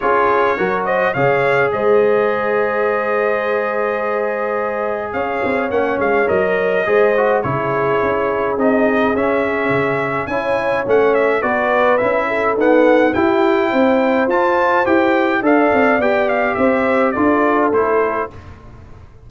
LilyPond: <<
  \new Staff \with { instrumentName = "trumpet" } { \time 4/4 \tempo 4 = 105 cis''4. dis''8 f''4 dis''4~ | dis''1~ | dis''4 f''4 fis''8 f''8 dis''4~ | dis''4 cis''2 dis''4 |
e''2 gis''4 fis''8 e''8 | d''4 e''4 fis''4 g''4~ | g''4 a''4 g''4 f''4 | g''8 f''8 e''4 d''4 c''4 | }
  \new Staff \with { instrumentName = "horn" } { \time 4/4 gis'4 ais'8 c''8 cis''4 c''4~ | c''1~ | c''4 cis''2. | c''4 gis'2.~ |
gis'2 cis''2 | b'4. a'4. g'4 | c''2. d''4~ | d''4 c''4 a'2 | }
  \new Staff \with { instrumentName = "trombone" } { \time 4/4 f'4 fis'4 gis'2~ | gis'1~ | gis'2 cis'4 ais'4 | gis'8 fis'8 e'2 dis'4 |
cis'2 e'4 cis'4 | fis'4 e'4 b4 e'4~ | e'4 f'4 g'4 a'4 | g'2 f'4 e'4 | }
  \new Staff \with { instrumentName = "tuba" } { \time 4/4 cis'4 fis4 cis4 gis4~ | gis1~ | gis4 cis'8 c'8 ais8 gis8 fis4 | gis4 cis4 cis'4 c'4 |
cis'4 cis4 cis'4 a4 | b4 cis'4 dis'4 e'4 | c'4 f'4 e'4 d'8 c'8 | b4 c'4 d'4 a4 | }
>>